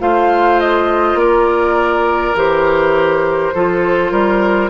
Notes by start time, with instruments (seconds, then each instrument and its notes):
0.00 bassoon A3, clarinet F4, oboe C5, flute F5
0.60 flute D#5
1.15 bassoon A#3, oboe A#4, flute D5
2.35 bassoon E3, clarinet G4, flute C5
3.55 bassoon F3, clarinet F4, oboe A4
4.12 bassoon G3, oboe A#4